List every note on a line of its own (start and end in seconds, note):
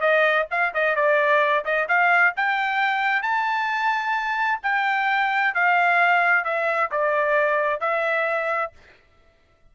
0.00 0.46 D#5
0.51 0.73 F5
0.73 0.95 D#5
0.95 1.64 D5
1.65 1.88 D#5
1.88 2.34 F5
2.36 3.22 G5
3.22 4.60 A5
4.62 5.54 G5
5.54 6.44 F5
6.44 6.90 E5
6.91 7.80 D5
7.80 8.71 E5